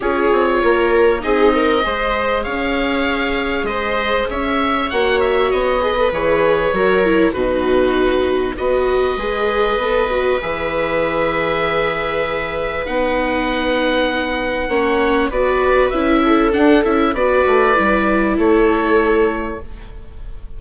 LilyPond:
<<
  \new Staff \with { instrumentName = "oboe" } { \time 4/4 \tempo 4 = 98 cis''2 dis''2 | f''2 dis''4 e''4 | fis''8 e''8 dis''4 cis''2 | b'2 dis''2~ |
dis''4 e''2.~ | e''4 fis''2.~ | fis''4 d''4 e''4 fis''8 e''8 | d''2 cis''2 | }
  \new Staff \with { instrumentName = "viola" } { \time 4/4 gis'4 ais'4 gis'8 ais'8 c''4 | cis''2 c''4 cis''4~ | cis''4. b'4. ais'4 | fis'2 b'2~ |
b'1~ | b'1 | cis''4 b'4. a'4. | b'2 a'2 | }
  \new Staff \with { instrumentName = "viola" } { \time 4/4 f'2 dis'4 gis'4~ | gis'1 | fis'4. gis'16 a'16 gis'4 fis'8 e'8 | dis'2 fis'4 gis'4 |
a'8 fis'8 gis'2.~ | gis'4 dis'2. | cis'4 fis'4 e'4 d'8 e'8 | fis'4 e'2. | }
  \new Staff \with { instrumentName = "bassoon" } { \time 4/4 cis'8 c'8 ais4 c'4 gis4 | cis'2 gis4 cis'4 | ais4 b4 e4 fis4 | b,2 b4 gis4 |
b4 e2.~ | e4 b2. | ais4 b4 cis'4 d'8 cis'8 | b8 a8 g4 a2 | }
>>